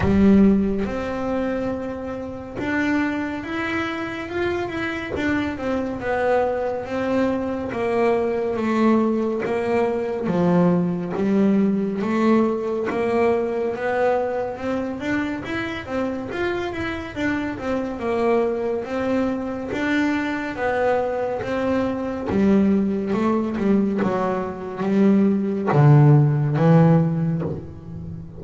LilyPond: \new Staff \with { instrumentName = "double bass" } { \time 4/4 \tempo 4 = 70 g4 c'2 d'4 | e'4 f'8 e'8 d'8 c'8 b4 | c'4 ais4 a4 ais4 | f4 g4 a4 ais4 |
b4 c'8 d'8 e'8 c'8 f'8 e'8 | d'8 c'8 ais4 c'4 d'4 | b4 c'4 g4 a8 g8 | fis4 g4 d4 e4 | }